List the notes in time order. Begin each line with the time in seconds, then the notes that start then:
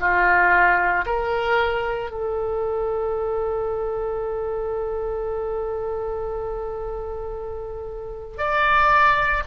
0.00 F4
1.06 A#4
2.11 A4
8.38 D5